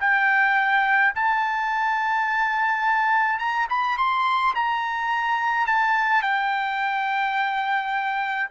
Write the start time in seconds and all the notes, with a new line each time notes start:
0.00 G5
1.14 A5
3.39 A#5
3.69 B5
3.97 C6
4.54 A#5
5.66 A5
6.22 G5